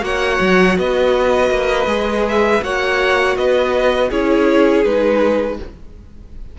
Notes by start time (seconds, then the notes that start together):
0.00 A#3 F#4 C#5 F#5
0.41 F#3
0.78 B3 B4 D#5
1.50 A#3
1.86 G#3 G#4
2.29 E5
2.62 A#3 F#4 C#5 F#5
3.36 B3 B4 D#5
4.09 C#4 E4 G#4 C#5
4.84 G#3 D#4 B4